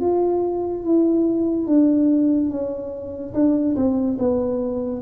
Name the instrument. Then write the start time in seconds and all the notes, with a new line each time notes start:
tuba
0.00 F4
0.83 E4
1.66 D4
2.50 C#4
3.34 D4
3.75 C4
4.18 B3